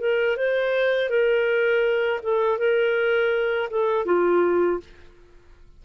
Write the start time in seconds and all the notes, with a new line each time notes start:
0.00 A#4
0.37 C5
1.10 A#4
2.24 A4
2.59 A#4
3.71 A4
4.06 F4